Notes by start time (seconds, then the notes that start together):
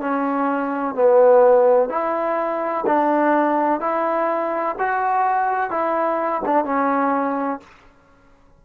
0.00 C#4
0.95 B3
1.89 E4
2.86 D4
3.80 E4
4.79 F#4
5.70 E4
6.45 D4
6.65 C#4